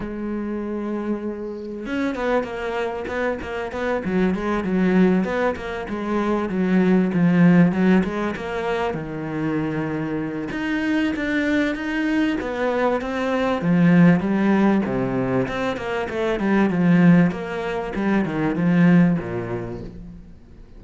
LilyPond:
\new Staff \with { instrumentName = "cello" } { \time 4/4 \tempo 4 = 97 gis2. cis'8 b8 | ais4 b8 ais8 b8 fis8 gis8 fis8~ | fis8 b8 ais8 gis4 fis4 f8~ | f8 fis8 gis8 ais4 dis4.~ |
dis4 dis'4 d'4 dis'4 | b4 c'4 f4 g4 | c4 c'8 ais8 a8 g8 f4 | ais4 g8 dis8 f4 ais,4 | }